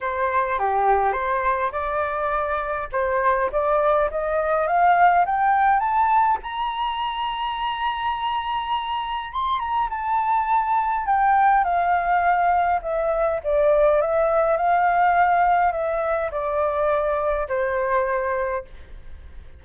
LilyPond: \new Staff \with { instrumentName = "flute" } { \time 4/4 \tempo 4 = 103 c''4 g'4 c''4 d''4~ | d''4 c''4 d''4 dis''4 | f''4 g''4 a''4 ais''4~ | ais''1 |
c'''8 ais''8 a''2 g''4 | f''2 e''4 d''4 | e''4 f''2 e''4 | d''2 c''2 | }